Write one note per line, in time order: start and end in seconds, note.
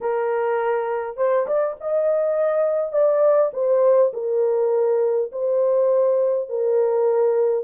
0.00 1.16 A#4
1.16 1.46 C5
1.46 1.76 D5
1.80 2.92 D#5
2.92 3.51 D5
3.53 4.12 C5
4.13 5.31 A#4
5.32 6.49 C5
6.49 7.64 A#4